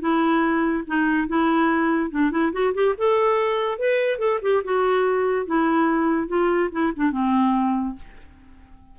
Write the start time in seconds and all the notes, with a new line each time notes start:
0.00 E4
0.87 D#4
1.28 E4
2.10 D4
2.31 E4
2.53 F#4
2.74 G4
2.98 A4
3.78 B4
4.18 A4
4.42 G4
4.64 F#4
5.46 E4
6.27 F4
6.71 E4
6.96 D4
7.12 C4